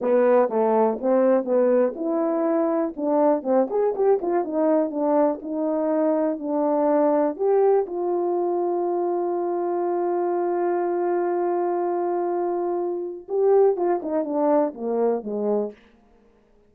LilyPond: \new Staff \with { instrumentName = "horn" } { \time 4/4 \tempo 4 = 122 b4 a4 c'4 b4 | e'2 d'4 c'8 gis'8 | g'8 f'8 dis'4 d'4 dis'4~ | dis'4 d'2 g'4 |
f'1~ | f'1~ | f'2. g'4 | f'8 dis'8 d'4 ais4 gis4 | }